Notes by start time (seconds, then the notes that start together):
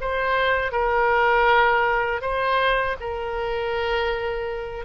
0.00 C5
0.71 A#4
2.21 C5
3.00 A#4